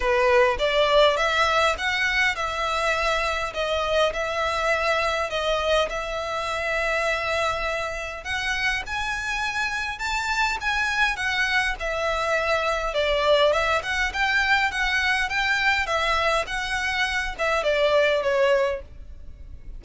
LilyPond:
\new Staff \with { instrumentName = "violin" } { \time 4/4 \tempo 4 = 102 b'4 d''4 e''4 fis''4 | e''2 dis''4 e''4~ | e''4 dis''4 e''2~ | e''2 fis''4 gis''4~ |
gis''4 a''4 gis''4 fis''4 | e''2 d''4 e''8 fis''8 | g''4 fis''4 g''4 e''4 | fis''4. e''8 d''4 cis''4 | }